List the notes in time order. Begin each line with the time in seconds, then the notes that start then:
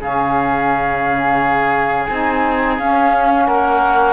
0.00 C#3 C#4 G#4 F5
2.06 C4 G#5
2.12 D#4
2.79 C#4 F5
3.47 A#3 A#4 F#5